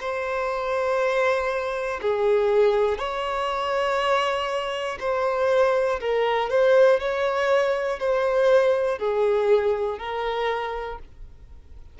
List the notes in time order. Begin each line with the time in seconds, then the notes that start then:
0.00 C5
2.01 G#4
2.98 C#5
4.99 C5
6.00 A#4
6.49 C5
7.00 C#5
7.99 C5
8.98 G#4
9.98 A#4